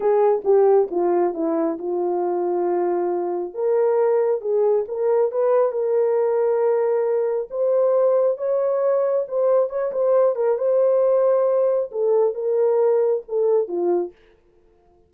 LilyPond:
\new Staff \with { instrumentName = "horn" } { \time 4/4 \tempo 4 = 136 gis'4 g'4 f'4 e'4 | f'1 | ais'2 gis'4 ais'4 | b'4 ais'2.~ |
ais'4 c''2 cis''4~ | cis''4 c''4 cis''8 c''4 ais'8 | c''2. a'4 | ais'2 a'4 f'4 | }